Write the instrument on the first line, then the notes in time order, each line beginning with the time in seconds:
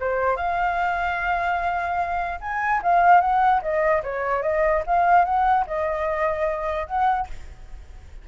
flute
0.00 C5
0.36 F5
2.41 G#5
2.83 F5
3.21 F#5
3.62 D#5
4.03 C#5
4.42 D#5
4.86 F5
5.24 F#5
5.66 D#5
6.87 F#5